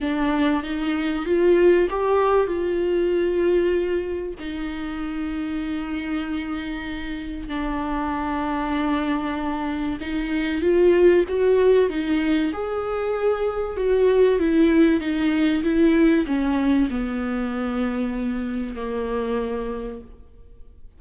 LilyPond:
\new Staff \with { instrumentName = "viola" } { \time 4/4 \tempo 4 = 96 d'4 dis'4 f'4 g'4 | f'2. dis'4~ | dis'1 | d'1 |
dis'4 f'4 fis'4 dis'4 | gis'2 fis'4 e'4 | dis'4 e'4 cis'4 b4~ | b2 ais2 | }